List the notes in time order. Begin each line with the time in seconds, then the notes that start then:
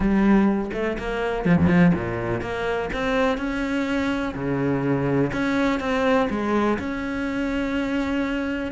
0.00 G3
0.73 A3
0.98 A#3
1.45 F3
1.57 F2
1.67 F3
1.94 A#2
2.41 A#3
2.93 C4
3.37 C#4
4.35 C#3
5.32 C#4
5.80 C4
6.30 G#3
6.78 C#4